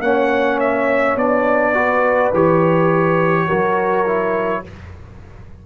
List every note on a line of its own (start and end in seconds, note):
0.00 1.15 A#3
0.00 1.17 C#4
0.00 1.74 C#5
0.00 0.59 F#5
0.60 1.18 E5
1.16 2.31 B3
1.16 1.74 D4
1.16 2.33 D5
1.74 2.31 F#4
1.74 3.47 B4
2.33 3.49 E3
2.33 3.49 G4
2.33 4.66 C#5
3.47 4.66 F#3
3.47 4.06 F#4
3.47 4.62 A#4
4.06 4.64 E4